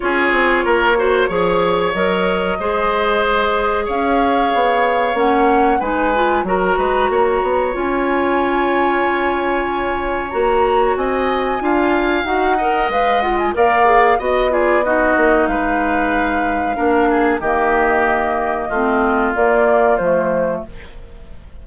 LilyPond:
<<
  \new Staff \with { instrumentName = "flute" } { \time 4/4 \tempo 4 = 93 cis''2. dis''4~ | dis''2 f''2 | fis''4 gis''4 ais''2 | gis''1 |
ais''4 gis''2 fis''4 | f''8 fis''16 gis''16 f''4 dis''8 d''8 dis''4 | f''2. dis''4~ | dis''2 d''4 c''4 | }
  \new Staff \with { instrumentName = "oboe" } { \time 4/4 gis'4 ais'8 c''8 cis''2 | c''2 cis''2~ | cis''4 b'4 ais'8 b'8 cis''4~ | cis''1~ |
cis''4 dis''4 f''4. dis''8~ | dis''4 d''4 dis''8 gis'8 fis'4 | b'2 ais'8 gis'8 g'4~ | g'4 f'2. | }
  \new Staff \with { instrumentName = "clarinet" } { \time 4/4 f'4. fis'8 gis'4 ais'4 | gis'1 | cis'4 dis'8 f'8 fis'2 | f'1 |
fis'2 f'4 fis'8 ais'8 | b'8 f'8 ais'8 gis'8 fis'8 f'8 dis'4~ | dis'2 d'4 ais4~ | ais4 c'4 ais4 a4 | }
  \new Staff \with { instrumentName = "bassoon" } { \time 4/4 cis'8 c'8 ais4 f4 fis4 | gis2 cis'4 b4 | ais4 gis4 fis8 gis8 ais8 b8 | cis'1 |
ais4 c'4 d'4 dis'4 | gis4 ais4 b4. ais8 | gis2 ais4 dis4~ | dis4 a4 ais4 f4 | }
>>